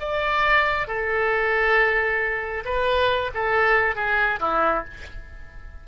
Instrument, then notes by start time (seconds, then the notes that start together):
oboe
0.00 D5
0.88 A4
2.65 B4
3.34 A4
3.96 G#4
4.40 E4